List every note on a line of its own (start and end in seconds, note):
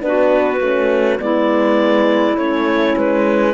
0.00 0.60 B3
0.00 0.59 D4
0.00 1.20 B4
0.06 1.22 F#4
0.60 1.19 A3
0.60 1.18 C#4
1.18 2.36 G#3
1.18 2.36 B3
1.18 3.54 E4
1.18 2.37 D5
2.36 2.95 A3
2.36 3.54 C#4
2.36 2.96 C#5
2.96 3.54 G#3
2.96 3.54 B4